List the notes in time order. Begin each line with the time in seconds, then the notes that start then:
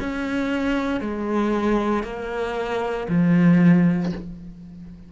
0.00 C#4
1.01 G#3
2.04 A#3
3.09 F3